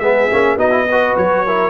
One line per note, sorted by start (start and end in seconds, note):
0.00 0.29 G#3
0.00 0.31 B3
0.00 0.57 G#4
0.00 0.57 E5
0.31 0.57 A#3
0.31 0.58 C#4
0.57 1.14 B3
0.57 0.71 D#4
0.57 0.85 F#4
0.57 1.16 D#5
0.71 0.85 E4
0.90 1.47 F#4
0.90 1.45 B4
1.17 1.70 F#3
1.17 1.70 C#5
1.45 1.70 E4
1.45 1.70 A#4